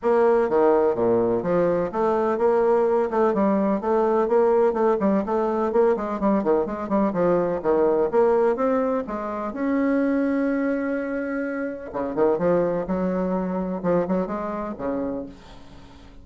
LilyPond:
\new Staff \with { instrumentName = "bassoon" } { \time 4/4 \tempo 4 = 126 ais4 dis4 ais,4 f4 | a4 ais4. a8 g4 | a4 ais4 a8 g8 a4 | ais8 gis8 g8 dis8 gis8 g8 f4 |
dis4 ais4 c'4 gis4 | cis'1~ | cis'4 cis8 dis8 f4 fis4~ | fis4 f8 fis8 gis4 cis4 | }